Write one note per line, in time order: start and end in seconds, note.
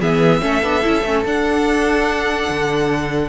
0.00 0.42 E3
0.00 0.41 B3
0.00 0.41 G#4
0.00 1.24 E5
0.41 0.62 A3
0.41 0.62 C#4
0.41 3.29 A4
0.62 0.83 B3
0.62 0.82 D4
0.82 1.03 C#4
0.82 1.02 E4
1.03 1.23 A3
1.03 1.26 C#4
1.24 2.48 D4
1.24 3.29 D4
1.24 3.29 F#5
2.49 3.29 D3